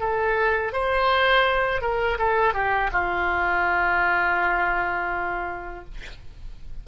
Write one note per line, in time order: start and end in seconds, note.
0.00 0.73 A4
0.73 1.82 C5
1.82 2.18 A#4
2.19 2.54 A4
2.54 2.91 G4
2.93 5.85 F4